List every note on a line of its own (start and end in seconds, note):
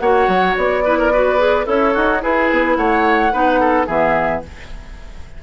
0.00 0.28 A#3
0.00 0.85 F#4
0.00 0.84 C#5
0.00 0.55 F#5
0.28 0.56 F#3
0.57 1.67 B3
0.57 1.67 D5
0.85 1.13 E4
0.85 0.99 B4
0.99 1.12 A#4
1.13 1.39 F#4
1.13 1.66 B4
1.39 1.65 G#4
1.65 1.95 C#4
1.65 1.94 E4
1.65 2.20 A4
1.65 2.23 C#5
1.94 2.24 D#4
1.94 2.22 F#4
2.21 3.31 E4
2.21 2.51 E4
2.21 2.78 G#4
2.21 2.77 B4
2.51 2.77 B3
2.77 3.32 A3
2.77 3.33 C#5
2.77 3.87 F#5
3.32 3.88 B3
3.32 3.87 D#4
3.32 3.60 B4
3.60 3.87 A4
3.87 4.43 E3
3.87 4.43 B3
3.87 4.42 G#4
3.87 4.43 E5